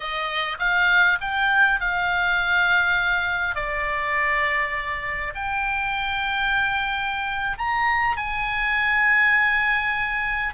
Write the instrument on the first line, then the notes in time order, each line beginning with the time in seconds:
oboe
0.00 D#5
0.59 F5
1.20 G5
1.80 F5
3.55 D5
5.35 G5
7.58 A#5
8.16 G#5